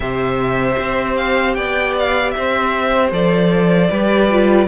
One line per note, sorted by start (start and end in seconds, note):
0.00 0.75 C3
0.00 3.12 G4
0.00 1.56 C5
0.00 1.16 E5
0.79 1.56 C4
1.16 1.54 F5
1.54 2.34 B3
1.54 2.34 D5
1.54 1.93 G5
1.99 2.30 F5
2.30 3.11 C4
2.30 3.08 E5
2.36 3.90 C5
3.11 3.89 F3
3.11 3.89 A4
3.11 4.68 D5
3.90 4.68 G3
3.90 4.31 G4
3.90 4.68 B4
4.31 4.68 F4